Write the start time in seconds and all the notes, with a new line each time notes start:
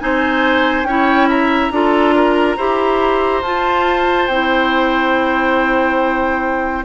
0.00 C4 D#4 C5 G#5
0.84 C#4 E4 C#5 G5
1.29 E5 A#5
1.71 D4 F4 A4
2.15 A#4
2.57 E4 G4 C5
3.42 F4 A5
4.27 C4 E4 G5